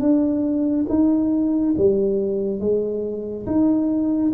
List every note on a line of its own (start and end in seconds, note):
0.00 0.86 D4
0.88 1.74 D#4
1.77 2.59 G3
2.59 3.45 G#3
3.46 4.32 D#4